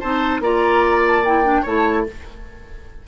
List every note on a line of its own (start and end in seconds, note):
0.00 0.40 C4
0.00 0.42 D#4
0.00 0.41 C5
0.00 0.41 A5
0.40 1.62 A#3
0.40 1.24 F4
0.40 1.62 D5
0.40 1.03 A#5
1.07 1.25 A5
1.25 1.44 E4
1.25 1.66 G5
1.44 1.65 D4
1.62 2.06 A3
1.62 2.07 E4
1.62 2.03 C#5
1.62 2.07 A5